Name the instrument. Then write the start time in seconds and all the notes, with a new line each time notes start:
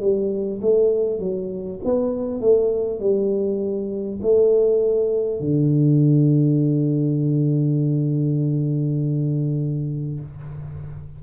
tuba
0.00 G3
0.61 A3
1.19 F#3
1.84 B3
2.41 A3
2.99 G3
4.22 A3
5.40 D3